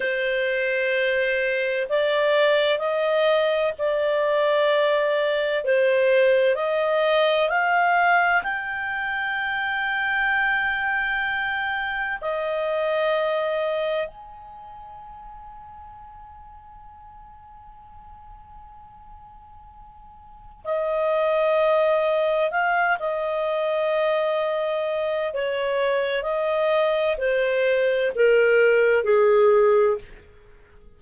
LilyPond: \new Staff \with { instrumentName = "clarinet" } { \time 4/4 \tempo 4 = 64 c''2 d''4 dis''4 | d''2 c''4 dis''4 | f''4 g''2.~ | g''4 dis''2 gis''4~ |
gis''1~ | gis''2 dis''2 | f''8 dis''2~ dis''8 cis''4 | dis''4 c''4 ais'4 gis'4 | }